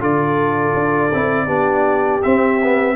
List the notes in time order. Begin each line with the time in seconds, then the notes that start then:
0.00 D3 F4 A4 D5
0.74 D4
1.14 C4 E4
1.46 B3 D4 G4
2.23 C4 E5
2.63 B3